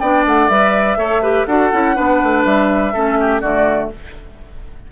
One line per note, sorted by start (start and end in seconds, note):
0.00 0.26 B3
0.00 0.51 D4
0.00 0.98 D5
0.00 0.24 G5
0.26 0.50 A3
0.26 0.49 F#5
0.49 0.97 G3
0.49 0.98 B4
0.49 1.46 E5
0.97 1.46 A3
0.97 1.23 A4
0.97 1.22 C#5
1.22 1.47 G4
1.22 1.47 B4
1.46 1.72 D4
1.46 1.73 F#4
1.46 1.96 A4
1.46 2.43 F#5
1.73 1.98 C#4
1.73 1.95 E4
1.95 2.23 B3
1.95 2.93 D4
1.95 2.94 B4
2.23 2.45 A3
2.45 2.94 G3
2.45 3.42 E5
2.94 3.42 A3
2.94 3.43 C#4
2.94 3.18 A4
3.20 3.41 G4
3.41 3.91 D3
3.41 3.92 A3
3.41 3.90 F#4
3.41 3.90 D5